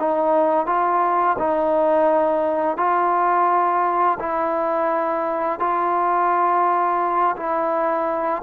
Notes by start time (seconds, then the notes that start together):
0.00 D#4
0.66 F4
1.39 D#4
2.78 F4
4.20 E4
5.60 F4
7.37 E4